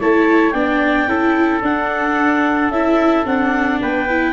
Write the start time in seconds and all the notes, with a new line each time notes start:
0.00 A3 E4 C#5 A5
0.51 B3 D4 D5 G5
1.06 C#4 E4 A4
1.62 D4 F#5
2.69 C#4 E4 E5
3.25 C4 D4 F#5
3.81 B3 B4 G5
4.09 E4